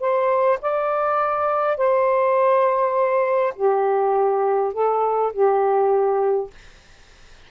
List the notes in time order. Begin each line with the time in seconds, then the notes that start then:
0.00 C5
0.61 D5
1.77 C5
3.56 G4
4.73 A4
5.33 G4